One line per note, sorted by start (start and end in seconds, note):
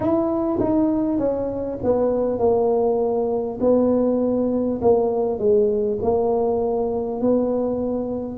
0.00 0.58 E4
0.59 1.18 D#4
1.18 1.78 C#4
1.83 2.38 B3
2.38 3.58 A#3
3.60 4.80 B3
4.81 5.38 A#3
5.38 5.98 G#3
6.02 7.20 A#3
7.20 8.38 B3